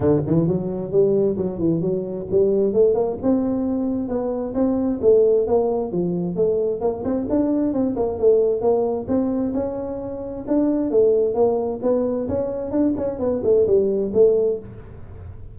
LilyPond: \new Staff \with { instrumentName = "tuba" } { \time 4/4 \tempo 4 = 132 d8 e8 fis4 g4 fis8 e8 | fis4 g4 a8 ais8 c'4~ | c'4 b4 c'4 a4 | ais4 f4 a4 ais8 c'8 |
d'4 c'8 ais8 a4 ais4 | c'4 cis'2 d'4 | a4 ais4 b4 cis'4 | d'8 cis'8 b8 a8 g4 a4 | }